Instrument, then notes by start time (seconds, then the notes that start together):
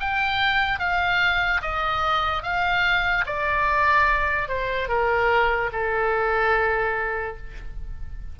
oboe
0.00 G5
0.79 F5
1.62 D#5
2.43 F5
3.26 D5
4.49 C5
4.88 A#4
5.72 A4